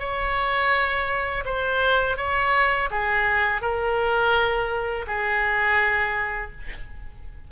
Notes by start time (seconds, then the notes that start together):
0.00 C#5
1.45 C5
2.17 C#5
2.91 G#4
3.62 A#4
5.07 G#4